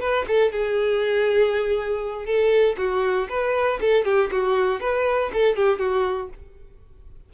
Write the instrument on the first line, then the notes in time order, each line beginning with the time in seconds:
violin
0.00 B4
0.28 A4
0.52 G#4
2.26 A4
2.78 F#4
3.29 B4
3.81 A4
4.05 G4
4.32 F#4
4.81 B4
5.34 A4
5.56 G4
5.79 F#4